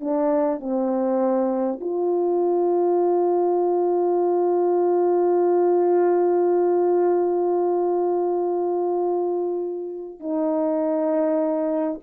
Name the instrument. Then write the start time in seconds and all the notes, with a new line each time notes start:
horn
0.00 D4
0.59 C4
1.80 F4
10.19 D#4